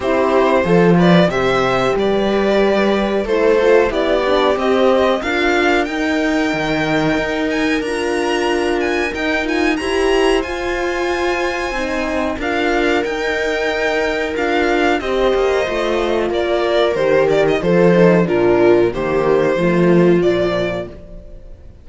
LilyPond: <<
  \new Staff \with { instrumentName = "violin" } { \time 4/4 \tempo 4 = 92 c''4. d''8 e''4 d''4~ | d''4 c''4 d''4 dis''4 | f''4 g''2~ g''8 gis''8 | ais''4. gis''8 g''8 gis''8 ais''4 |
gis''2. f''4 | g''2 f''4 dis''4~ | dis''4 d''4 c''8 d''16 dis''16 c''4 | ais'4 c''2 d''4 | }
  \new Staff \with { instrumentName = "viola" } { \time 4/4 g'4 a'8 b'8 c''4 b'4~ | b'4 a'4 g'2 | ais'1~ | ais'2. c''4~ |
c''2. ais'4~ | ais'2. c''4~ | c''4 ais'2 a'4 | f'4 g'4 f'2 | }
  \new Staff \with { instrumentName = "horn" } { \time 4/4 e'4 f'4 g'2~ | g'4 e'8 f'8 e'8 d'8 c'4 | f'4 dis'2. | f'2 dis'8 f'8 g'4 |
f'2 dis'4 f'4 | dis'2 f'4 g'4 | f'2 g'4 f'8 dis'8 | d'4 ais4 a4 f4 | }
  \new Staff \with { instrumentName = "cello" } { \time 4/4 c'4 f4 c4 g4~ | g4 a4 b4 c'4 | d'4 dis'4 dis4 dis'4 | d'2 dis'4 e'4 |
f'2 c'4 d'4 | dis'2 d'4 c'8 ais8 | a4 ais4 dis4 f4 | ais,4 dis4 f4 ais,4 | }
>>